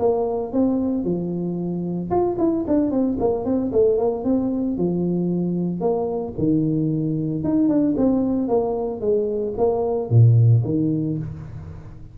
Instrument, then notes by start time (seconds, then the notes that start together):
tuba
0.00 A#3
0.53 C4
1.05 F3
2.11 F4
2.39 E4
2.68 D4
2.91 C4
3.20 A#3
3.46 C4
3.73 A3
3.98 A#3
4.25 C4
4.78 F3
5.81 A#3
6.39 D#3
7.45 D#4
7.69 D4
7.98 C4
8.49 A#3
9.01 G#3
9.58 A#3
10.10 A#2
10.65 D#3